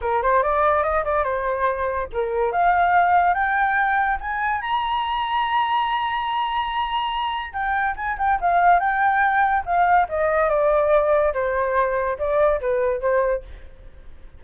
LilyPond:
\new Staff \with { instrumentName = "flute" } { \time 4/4 \tempo 4 = 143 ais'8 c''8 d''4 dis''8 d''8 c''4~ | c''4 ais'4 f''2 | g''2 gis''4 ais''4~ | ais''1~ |
ais''2 g''4 gis''8 g''8 | f''4 g''2 f''4 | dis''4 d''2 c''4~ | c''4 d''4 b'4 c''4 | }